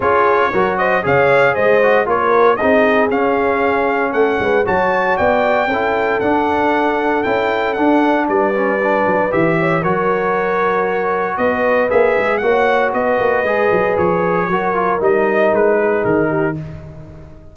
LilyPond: <<
  \new Staff \with { instrumentName = "trumpet" } { \time 4/4 \tempo 4 = 116 cis''4. dis''8 f''4 dis''4 | cis''4 dis''4 f''2 | fis''4 a''4 g''2 | fis''2 g''4 fis''4 |
d''2 e''4 cis''4~ | cis''2 dis''4 e''4 | fis''4 dis''2 cis''4~ | cis''4 dis''4 b'4 ais'4 | }
  \new Staff \with { instrumentName = "horn" } { \time 4/4 gis'4 ais'8 c''8 cis''4 c''4 | ais'4 gis'2. | a'8 b'8 cis''4 d''4 a'4~ | a'1 |
b'2~ b'8 cis''8 ais'4~ | ais'2 b'2 | cis''4 b'2. | ais'2~ ais'8 gis'4 g'8 | }
  \new Staff \with { instrumentName = "trombone" } { \time 4/4 f'4 fis'4 gis'4. fis'8 | f'4 dis'4 cis'2~ | cis'4 fis'2 e'4 | d'2 e'4 d'4~ |
d'8 cis'8 d'4 g'4 fis'4~ | fis'2. gis'4 | fis'2 gis'2 | fis'8 f'8 dis'2. | }
  \new Staff \with { instrumentName = "tuba" } { \time 4/4 cis'4 fis4 cis4 gis4 | ais4 c'4 cis'2 | a8 gis8 fis4 b4 cis'4 | d'2 cis'4 d'4 |
g4. fis8 e4 fis4~ | fis2 b4 ais8 gis8 | ais4 b8 ais8 gis8 fis8 f4 | fis4 g4 gis4 dis4 | }
>>